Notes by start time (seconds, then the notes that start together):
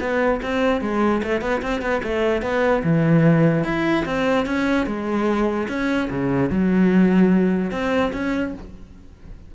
0.00 B3
0.42 C4
0.81 G#3
1.23 A3
1.41 B3
1.62 C4
1.81 B3
2.03 A3
2.42 B3
2.83 E3
3.64 E4
4.05 C4
4.46 C#4
4.86 G#3
5.68 C#4
6.09 C#3
6.50 F#3
7.71 C4
8.13 C#4